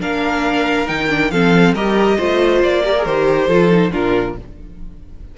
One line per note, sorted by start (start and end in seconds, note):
0.00 0.89 A#3
0.00 0.86 D4
0.00 1.31 A#4
0.00 0.88 F5
0.86 1.31 D#3
0.86 1.08 D#4
0.86 1.31 G5
1.09 1.31 D4
1.31 1.74 F3
1.31 1.76 C4
1.31 1.74 A4
1.31 1.74 F5
1.74 2.17 G3
1.74 2.19 G4
1.74 2.17 A#4
1.74 2.62 D#5
2.18 2.63 A3
2.18 2.84 F4
2.18 2.83 C5
2.63 3.06 A#3
2.63 3.05 D5
2.84 2.95 G4
2.84 3.48 A#4
2.98 3.07 G#4
3.05 3.48 D#3
3.05 3.50 G4
3.05 3.92 C5
3.48 3.91 F3
3.48 3.71 F4
3.48 3.91 A4
3.71 3.91 D#4
3.91 4.38 A#2
3.91 4.34 D4
3.91 4.36 F4
3.91 4.37 A#4